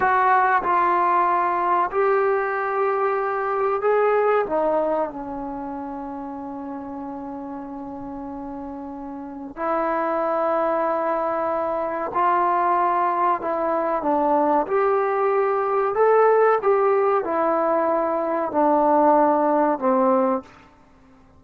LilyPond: \new Staff \with { instrumentName = "trombone" } { \time 4/4 \tempo 4 = 94 fis'4 f'2 g'4~ | g'2 gis'4 dis'4 | cis'1~ | cis'2. e'4~ |
e'2. f'4~ | f'4 e'4 d'4 g'4~ | g'4 a'4 g'4 e'4~ | e'4 d'2 c'4 | }